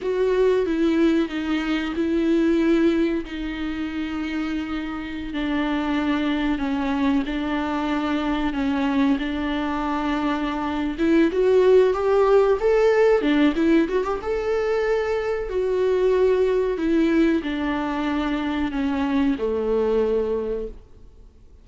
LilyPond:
\new Staff \with { instrumentName = "viola" } { \time 4/4 \tempo 4 = 93 fis'4 e'4 dis'4 e'4~ | e'4 dis'2.~ | dis'16 d'2 cis'4 d'8.~ | d'4~ d'16 cis'4 d'4.~ d'16~ |
d'4 e'8 fis'4 g'4 a'8~ | a'8 d'8 e'8 fis'16 g'16 a'2 | fis'2 e'4 d'4~ | d'4 cis'4 a2 | }